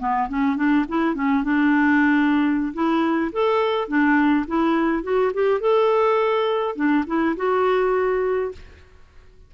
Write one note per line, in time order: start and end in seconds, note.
0.00 0.29 B3
0.29 0.57 C#4
0.57 0.85 D4
0.89 1.15 E4
1.15 1.44 C#4
1.44 2.74 D4
2.74 3.32 E4
3.33 3.88 A4
3.88 4.46 D4
4.47 5.03 E4
5.03 5.32 F#4
5.34 5.61 G4
5.61 6.76 A4
6.76 7.05 D4
7.07 7.36 E4
7.37 8.52 F#4